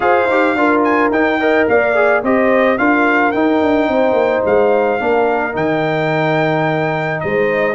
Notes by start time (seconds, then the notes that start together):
0.00 F4 G#4 C5 F5
0.27 D#4 G4
0.55 D4 F4 A#4
0.83 G#5
1.10 D#4 G5
1.39 A#4 D#5
1.68 A#3 D5 F5
1.95 G#4
2.22 C4 G4 C5 D#5
2.77 D4 F4 A#4 F5
3.31 D#4 G5
3.61 D4
3.88 C4 C5
4.12 A#3
4.45 G#3 F5
4.99 A#3 D4 A#4
5.52 D#3 D#4 G5
7.20 G#3 C5 D#5